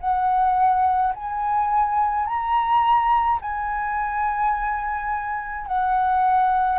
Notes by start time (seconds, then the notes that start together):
0.00 F#5
1.14 G#5
2.26 A#5
3.42 G#5
5.67 F#5